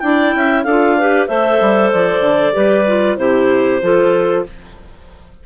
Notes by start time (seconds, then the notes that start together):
0.00 D4 E4 D5 G5
0.35 C#4 E5
0.64 D4 A4 F5
0.70 F4
0.98 G4 B4
1.27 A3 A4 C5 E5
1.61 G3
1.92 F3 D5
2.21 D3
2.53 G3 G4 B4
2.88 F4
3.17 C3 E4 G4 C5
3.83 F3 F4 A4